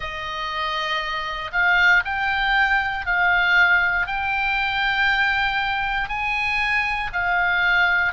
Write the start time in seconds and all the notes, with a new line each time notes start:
0.00 D#5
1.52 F5
2.04 G5
3.06 F5
4.06 G5
6.08 G#5
7.12 F5